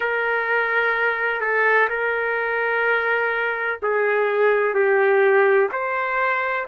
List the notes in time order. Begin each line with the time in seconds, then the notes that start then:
0.00 A#4
1.40 A4
1.89 A#4
3.82 G#4
4.74 G4
5.71 C5